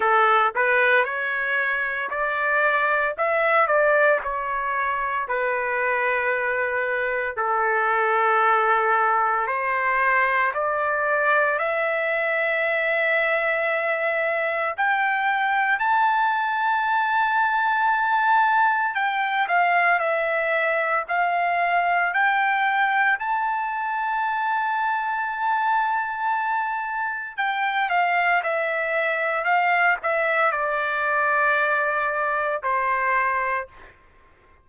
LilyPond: \new Staff \with { instrumentName = "trumpet" } { \time 4/4 \tempo 4 = 57 a'8 b'8 cis''4 d''4 e''8 d''8 | cis''4 b'2 a'4~ | a'4 c''4 d''4 e''4~ | e''2 g''4 a''4~ |
a''2 g''8 f''8 e''4 | f''4 g''4 a''2~ | a''2 g''8 f''8 e''4 | f''8 e''8 d''2 c''4 | }